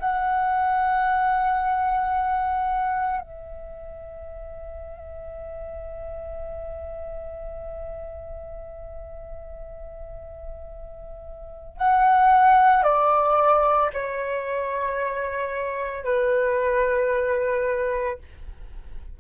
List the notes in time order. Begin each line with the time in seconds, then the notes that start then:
0.00 F#5
3.21 E5
11.78 F#5
12.84 D5
13.94 C#5
16.05 B4